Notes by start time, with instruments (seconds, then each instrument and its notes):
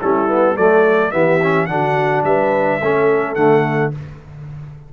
0.00 tuba G3, trombone C#4, horn E4, trumpet A4
0.28 trombone B3
0.54 tuba F#3, trombone A3, horn A4, trumpet D5
1.11 tuba E3, trombone B3, horn G4, trumpet E5
1.42 trombone C#4
1.66 tuba D3, trombone D4, horn F#4, trumpet F#5
2.24 tuba G3, horn B4, trumpet E5
2.81 tuba A3, trombone C#4, horn A4
3.35 tuba D3, trombone A3, trumpet F#5